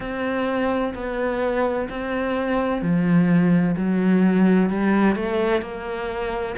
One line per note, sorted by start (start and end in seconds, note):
0.00 0.94 C4
0.94 1.88 B3
1.89 2.81 C4
2.81 3.75 F3
3.76 4.69 F#3
4.69 5.15 G3
5.15 5.61 A3
5.61 6.55 A#3